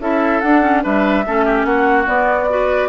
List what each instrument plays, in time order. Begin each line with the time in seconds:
0.00 bassoon C#4, clarinet E4, oboe A4, flute E5
0.41 clarinet D4, bassoon D4, flute F#5
0.62 clarinet C#4
0.83 bassoon G3, clarinet D4, oboe B4, flute E5
1.27 bassoon A3, clarinet C#4, oboe A4
1.46 oboe G4
1.65 bassoon A#3, oboe F#4, flute F#5
2.06 clarinet B3, bassoon B3, flute D5
2.49 clarinet F#4, oboe B4